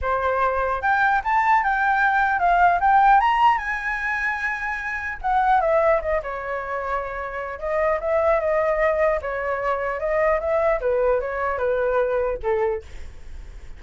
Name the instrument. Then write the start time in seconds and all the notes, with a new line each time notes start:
flute
0.01 C5
0.81 G5
1.24 A5
1.63 G5
2.39 F5
2.80 G5
3.20 A#5
3.58 G#5
5.21 F#5
5.61 E5
6.01 D#5
6.23 C#5
7.59 D#5
8.00 E5
8.39 D#5
9.21 C#5
9.99 D#5
10.40 E5
10.80 B4
11.20 C#5
11.57 B4
12.42 A4